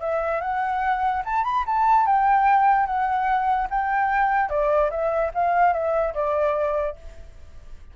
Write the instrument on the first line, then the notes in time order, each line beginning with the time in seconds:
flute
0.00 E5
0.41 F#5
1.25 A5
1.44 B5
1.66 A5
2.06 G5
2.86 F#5
3.70 G5
4.49 D5
4.90 E5
5.34 F5
5.73 E5
6.14 D5